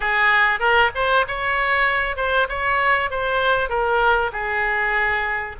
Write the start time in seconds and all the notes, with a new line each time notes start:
0.00 G#4
0.59 A#4
0.94 C5
1.27 C#5
2.16 C5
2.49 C#5
3.10 C5
3.69 A#4
4.32 G#4